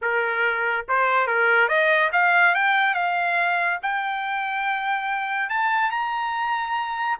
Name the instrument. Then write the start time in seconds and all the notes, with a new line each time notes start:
trumpet
0.01 A#4
0.88 C5
1.27 A#4
1.68 D#5
2.12 F5
2.54 G5
2.94 F5
3.82 G5
5.49 A5
5.90 A#5